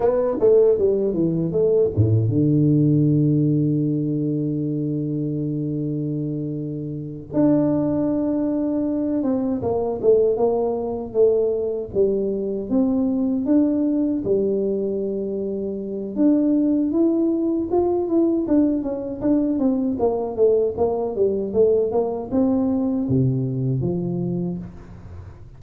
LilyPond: \new Staff \with { instrumentName = "tuba" } { \time 4/4 \tempo 4 = 78 b8 a8 g8 e8 a8 a,8 d4~ | d1~ | d4. d'2~ d'8 | c'8 ais8 a8 ais4 a4 g8~ |
g8 c'4 d'4 g4.~ | g4 d'4 e'4 f'8 e'8 | d'8 cis'8 d'8 c'8 ais8 a8 ais8 g8 | a8 ais8 c'4 c4 f4 | }